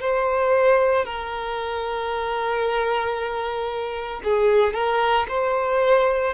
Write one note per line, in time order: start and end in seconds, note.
0.00 1.05 C5
1.05 4.21 A#4
4.23 4.73 G#4
4.73 5.26 A#4
5.28 6.33 C5